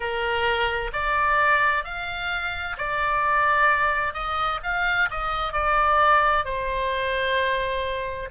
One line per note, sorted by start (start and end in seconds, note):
0.00 0.91 A#4
0.92 1.84 D5
1.84 2.77 F5
2.77 4.13 D5
4.13 4.59 D#5
4.63 5.09 F5
5.10 5.53 D#5
5.53 6.44 D5
6.44 8.29 C5